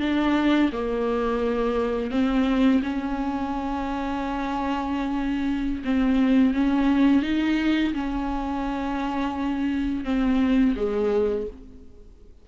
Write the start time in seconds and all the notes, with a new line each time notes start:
0.00 D4
0.72 A#3
2.11 C4
2.83 C#4
5.84 C4
6.54 C#4
7.22 D#4
7.93 C#4
10.04 C4
10.76 G#3